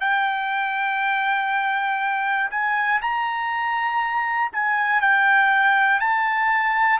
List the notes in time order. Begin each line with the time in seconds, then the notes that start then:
0.00 G5
2.51 G#5
3.01 A#5
4.52 G#5
5.01 G5
6.00 A5